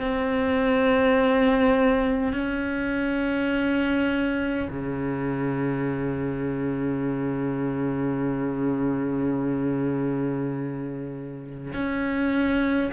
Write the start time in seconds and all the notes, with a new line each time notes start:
0.00 C4
2.33 C#4
4.70 C#3
11.73 C#4